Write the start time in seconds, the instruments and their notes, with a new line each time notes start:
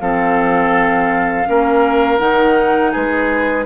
0.00 bassoon F3, clarinet C4, oboe A4, flute F5
1.47 bassoon A#3, clarinet C#4, oboe A#4
2.19 bassoon D#3, clarinet D#4, flute F#5
2.92 bassoon G#3, oboe G#4, flute B4